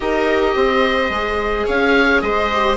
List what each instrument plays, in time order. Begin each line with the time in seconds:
0.00 bassoon D#4, viola G4 A#4, oboe D#5
0.55 bassoon C4, viola C5
1.09 bassoon G#3, viola G#4
1.66 bassoon C#4, viola C#5, oboe F5
2.21 bassoon G#3, viola C5, oboe D#5
2.53 viola G4